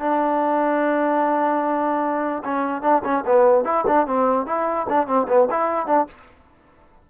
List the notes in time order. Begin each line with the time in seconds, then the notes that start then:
0.00 D4
2.44 C#4
2.82 D4
3.04 C#4
3.27 B3
3.65 E4
3.87 D4
4.07 C4
4.46 E4
4.89 D4
5.07 C4
5.29 B3
5.51 E4
5.87 D4